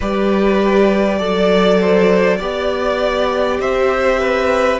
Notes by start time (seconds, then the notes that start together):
0.00 G3 G4 B4 D5
1.18 F#3 A4 D5
1.81 C5
2.37 B3 G4 D5
3.59 C4 C5 E5
4.19 B4